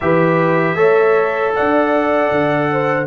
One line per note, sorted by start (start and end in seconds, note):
0.00 0.75 E3
0.00 0.75 G4
0.00 0.77 B4
0.00 1.54 E5
0.75 1.52 A3
0.75 3.06 A4
0.75 1.54 C#5
1.55 2.31 D4
1.55 2.71 D5
1.55 3.07 F#5
2.31 3.07 D3
2.71 3.07 C5